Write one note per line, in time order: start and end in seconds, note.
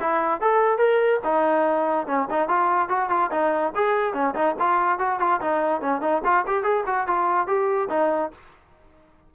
0.00 0.41 E4
0.41 0.78 A4
0.78 1.20 A#4
1.24 2.07 D#4
2.07 2.27 C#4
2.30 2.48 D#4
2.48 2.88 F4
2.88 3.09 F#4
3.09 3.30 F4
3.31 3.73 D#4
3.75 4.13 G#4
4.13 4.34 C#4
4.34 4.55 D#4
4.59 4.99 F4
4.99 5.19 F#4
5.19 5.40 F4
5.41 5.81 D#4
5.81 6.01 C#4
6.01 6.22 D#4
6.24 6.45 F4
6.46 6.63 G4
6.63 6.84 G#4
6.86 7.07 F#4
7.07 7.47 F4
7.47 7.89 G4
7.89 8.31 D#4